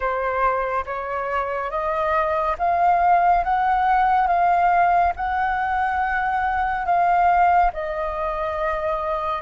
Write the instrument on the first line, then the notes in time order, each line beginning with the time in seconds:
flute
0.00 C5
0.85 C#5
1.70 D#5
2.58 F5
3.44 F#5
4.27 F5
5.16 F#5
6.85 F5
7.73 D#5